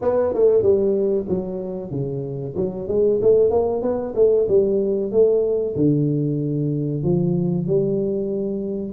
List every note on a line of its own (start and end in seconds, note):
0.01 0.33 B3
0.33 0.62 A3
0.62 1.26 G3
1.29 1.90 F#3
1.90 2.54 C#3
2.56 2.88 F#3
2.88 3.19 G#3
3.21 3.50 A3
3.50 3.82 A#3
3.82 4.13 B3
4.15 4.47 A3
4.48 5.11 G3
5.11 5.75 A3
5.75 7.03 D3
7.03 7.66 F3
7.66 8.92 G3